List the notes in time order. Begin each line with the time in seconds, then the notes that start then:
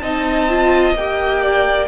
0.00 C4 D#4 D#5 A5
0.49 F4
0.94 A#3 G4 G5
1.42 D5